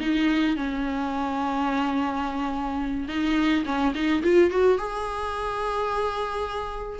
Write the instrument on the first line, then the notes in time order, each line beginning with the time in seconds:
viola
0.00 D#4
0.56 C#4
3.08 D#4
3.65 C#4
3.94 D#4
4.23 F4
4.50 F#4
4.78 G#4